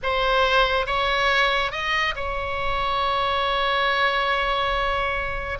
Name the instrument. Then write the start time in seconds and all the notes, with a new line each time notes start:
oboe
0.02 C5
0.86 C#5
1.71 D#5
2.15 C#5